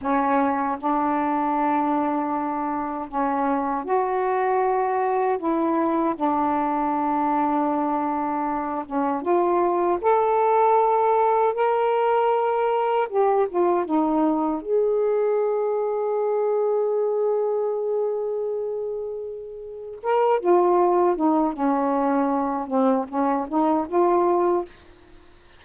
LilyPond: \new Staff \with { instrumentName = "saxophone" } { \time 4/4 \tempo 4 = 78 cis'4 d'2. | cis'4 fis'2 e'4 | d'2.~ d'8 cis'8 | f'4 a'2 ais'4~ |
ais'4 g'8 f'8 dis'4 gis'4~ | gis'1~ | gis'2 ais'8 f'4 dis'8 | cis'4. c'8 cis'8 dis'8 f'4 | }